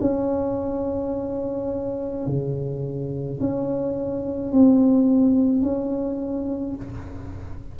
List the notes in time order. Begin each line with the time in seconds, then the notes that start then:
0.00 C#4
2.26 C#3
3.40 C#4
4.52 C4
5.61 C#4